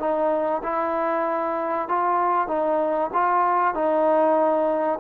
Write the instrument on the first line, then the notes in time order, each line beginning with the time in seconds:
trombone
0.00 D#4
0.64 E4
1.89 F4
2.48 D#4
3.14 F4
3.75 D#4